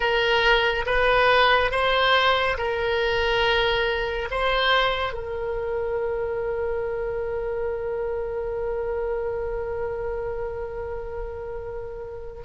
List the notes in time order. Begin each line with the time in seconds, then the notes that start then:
0.00 A#4
0.86 B4
1.71 C5
2.57 A#4
4.31 C5
5.13 A#4